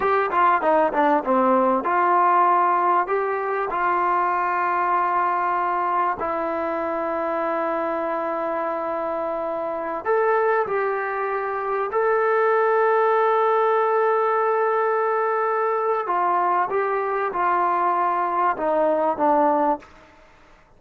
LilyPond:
\new Staff \with { instrumentName = "trombone" } { \time 4/4 \tempo 4 = 97 g'8 f'8 dis'8 d'8 c'4 f'4~ | f'4 g'4 f'2~ | f'2 e'2~ | e'1~ |
e'16 a'4 g'2 a'8.~ | a'1~ | a'2 f'4 g'4 | f'2 dis'4 d'4 | }